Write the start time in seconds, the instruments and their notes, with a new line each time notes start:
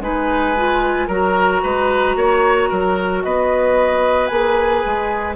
0.00 bassoon G#3, clarinet D#4, oboe B4, flute G#5
0.56 clarinet F4
1.08 bassoon F#3, clarinet F#4, oboe A#4, flute A#5
1.63 bassoon G#3, oboe B4
2.16 bassoon A#3, oboe C#5
2.69 bassoon F#3, oboe A#4
3.23 bassoon B3, oboe B4, flute D#5
4.27 bassoon A#3, clarinet G#4, flute G#5
4.85 bassoon G#3